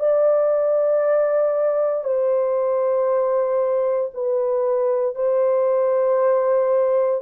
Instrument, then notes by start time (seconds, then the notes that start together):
horn
0.00 D5
2.04 C5
4.15 B4
5.15 C5